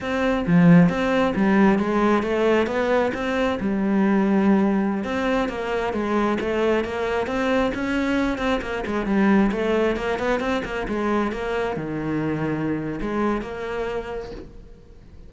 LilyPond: \new Staff \with { instrumentName = "cello" } { \time 4/4 \tempo 4 = 134 c'4 f4 c'4 g4 | gis4 a4 b4 c'4 | g2.~ g16 c'8.~ | c'16 ais4 gis4 a4 ais8.~ |
ais16 c'4 cis'4. c'8 ais8 gis16~ | gis16 g4 a4 ais8 b8 c'8 ais16~ | ais16 gis4 ais4 dis4.~ dis16~ | dis4 gis4 ais2 | }